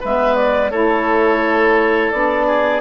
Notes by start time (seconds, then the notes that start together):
0.00 G#3 B3 B4 E5
0.35 D5
0.70 A3 E4 A4 C#5
2.11 B3 D4 D5
2.46 G#4